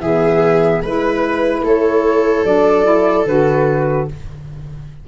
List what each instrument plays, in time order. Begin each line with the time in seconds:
0.00 tuba E3, saxophone B3, viola G#4, flute E5
0.82 tuba G#3, saxophone E4, viola B4, flute B4
1.62 tuba A3, viola A4, flute C#5
2.44 tuba F#3, saxophone D4, flute D5
2.84 saxophone E4
3.26 tuba D3, saxophone F#4, flute B4